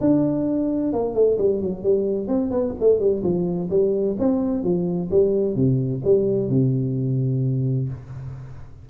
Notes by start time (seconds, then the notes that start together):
0.00 D4
0.92 A#3
1.14 A3
1.38 G3
1.61 F#3
1.83 G3
2.27 C4
2.51 B3
2.79 A3
2.99 G3
3.23 F3
3.70 G3
4.18 C4
4.63 F3
5.10 G3
5.55 C3
6.04 G3
6.49 C3